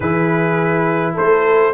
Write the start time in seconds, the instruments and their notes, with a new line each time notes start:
0.00 tuba E3, trombone E4, horn G#4, trumpet B4
1.14 tuba A3, horn A4, trumpet C5